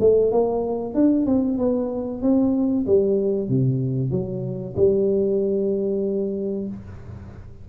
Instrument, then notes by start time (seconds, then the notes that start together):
tuba
0.00 A3
0.32 A#3
0.95 D4
1.26 C4
1.58 B3
2.22 C4
2.87 G3
3.49 C3
4.11 F#3
4.76 G3